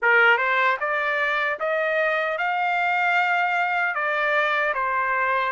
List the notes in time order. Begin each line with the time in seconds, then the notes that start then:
0.02 A#4
0.37 C5
0.80 D5
1.59 D#5
2.38 F5
3.94 D5
4.74 C5